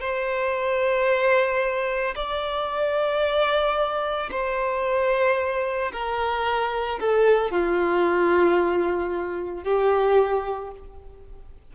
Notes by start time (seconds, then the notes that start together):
0.00 C5
2.15 D5
4.31 C5
5.92 A#4
7.00 A4
7.51 F4
9.64 G4